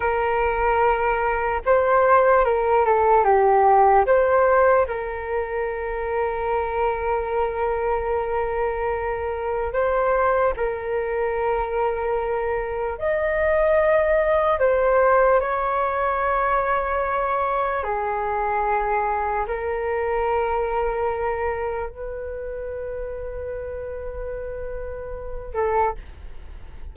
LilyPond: \new Staff \with { instrumentName = "flute" } { \time 4/4 \tempo 4 = 74 ais'2 c''4 ais'8 a'8 | g'4 c''4 ais'2~ | ais'1 | c''4 ais'2. |
dis''2 c''4 cis''4~ | cis''2 gis'2 | ais'2. b'4~ | b'2.~ b'8 a'8 | }